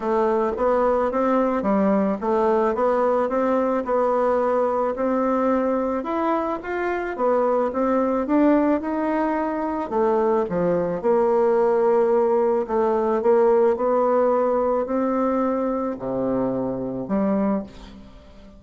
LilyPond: \new Staff \with { instrumentName = "bassoon" } { \time 4/4 \tempo 4 = 109 a4 b4 c'4 g4 | a4 b4 c'4 b4~ | b4 c'2 e'4 | f'4 b4 c'4 d'4 |
dis'2 a4 f4 | ais2. a4 | ais4 b2 c'4~ | c'4 c2 g4 | }